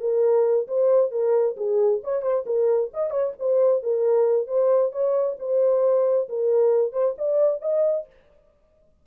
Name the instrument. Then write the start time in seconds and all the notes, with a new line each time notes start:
horn
0.00 A#4
0.68 C5
1.11 A#4
1.57 G#4
2.04 C#5
2.22 C5
2.46 A#4
2.94 D#5
3.11 C#5
3.39 C5
3.83 A#4
4.47 C5
4.92 C#5
5.39 C5
6.29 A#4
6.93 C5
7.18 D5
7.62 D#5